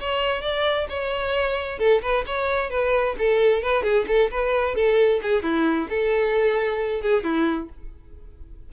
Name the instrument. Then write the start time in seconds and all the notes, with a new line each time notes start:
violin
0.00 C#5
0.42 D5
0.89 C#5
1.79 A4
2.02 B4
2.27 C#5
2.70 B4
3.18 A4
3.63 B4
3.83 G#4
4.08 A4
4.31 B4
4.75 A4
5.23 G#4
5.43 E4
5.90 A4
7.02 G#4
7.24 E4